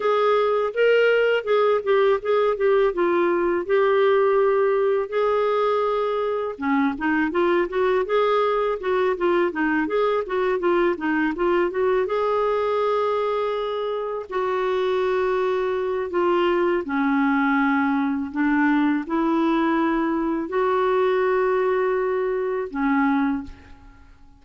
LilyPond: \new Staff \with { instrumentName = "clarinet" } { \time 4/4 \tempo 4 = 82 gis'4 ais'4 gis'8 g'8 gis'8 g'8 | f'4 g'2 gis'4~ | gis'4 cis'8 dis'8 f'8 fis'8 gis'4 | fis'8 f'8 dis'8 gis'8 fis'8 f'8 dis'8 f'8 |
fis'8 gis'2. fis'8~ | fis'2 f'4 cis'4~ | cis'4 d'4 e'2 | fis'2. cis'4 | }